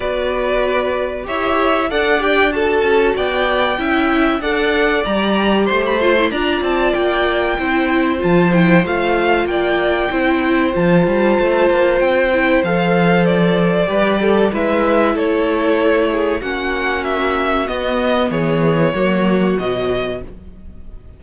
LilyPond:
<<
  \new Staff \with { instrumentName = "violin" } { \time 4/4 \tempo 4 = 95 d''2 e''4 fis''8 g''8 | a''4 g''2 fis''4 | ais''4 c'''16 b''16 c'''8 ais''8 a''8 g''4~ | g''4 a''8 g''8 f''4 g''4~ |
g''4 a''2 g''4 | f''4 d''2 e''4 | cis''2 fis''4 e''4 | dis''4 cis''2 dis''4 | }
  \new Staff \with { instrumentName = "violin" } { \time 4/4 b'2 cis''4 d''4 | a'4 d''4 e''4 d''4~ | d''4 c''4 d''2 | c''2. d''4 |
c''1~ | c''2 b'8 a'8 b'4 | a'4. gis'8 fis'2~ | fis'4 gis'4 fis'2 | }
  \new Staff \with { instrumentName = "viola" } { \time 4/4 fis'2 g'4 a'8 g'8 | fis'2 e'4 a'4 | g'4. f'16 e'16 f'2 | e'4 f'8 e'8 f'2 |
e'4 f'2~ f'8 e'8 | a'2 g'4 e'4~ | e'2 cis'2 | b2 ais4 fis4 | }
  \new Staff \with { instrumentName = "cello" } { \time 4/4 b2 e'4 d'4~ | d'8 cis'8 b4 cis'4 d'4 | g4 a4 d'8 c'8 ais4 | c'4 f4 a4 ais4 |
c'4 f8 g8 a8 ais8 c'4 | f2 g4 gis4 | a2 ais2 | b4 e4 fis4 b,4 | }
>>